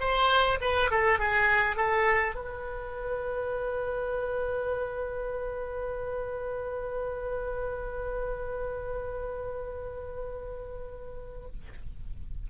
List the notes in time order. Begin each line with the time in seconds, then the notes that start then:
0.00 C5
0.61 B4
0.91 A4
1.19 G#4
1.76 A4
2.35 B4